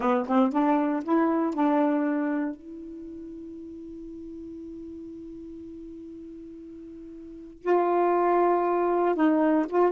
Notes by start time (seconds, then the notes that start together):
0.00 B3
0.28 C4
0.52 D4
1.03 E4
1.53 D4
2.55 E4
7.62 F4
9.15 D#4
9.69 F4